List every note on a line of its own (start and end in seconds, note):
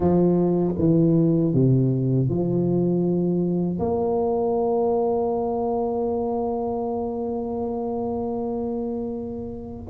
0.00 0.75 F3
0.78 1.54 E3
1.54 2.28 C3
2.28 3.78 F3
3.78 9.86 A#3